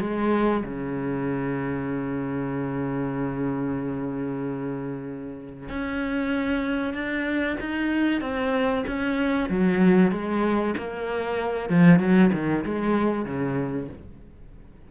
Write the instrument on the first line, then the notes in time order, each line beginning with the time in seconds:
cello
0.00 G#3
0.64 C#3
5.68 C#4
6.93 D4
7.60 D#4
8.20 C4
8.87 C#4
9.49 F#3
10.11 G#3
10.77 A#3
11.69 F3
11.99 F#3
12.32 D#3
12.64 G#3
13.25 C#3